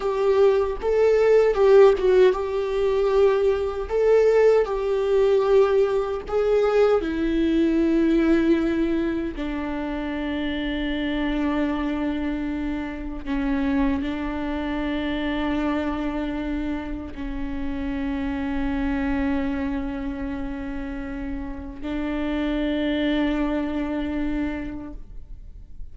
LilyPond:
\new Staff \with { instrumentName = "viola" } { \time 4/4 \tempo 4 = 77 g'4 a'4 g'8 fis'8 g'4~ | g'4 a'4 g'2 | gis'4 e'2. | d'1~ |
d'4 cis'4 d'2~ | d'2 cis'2~ | cis'1 | d'1 | }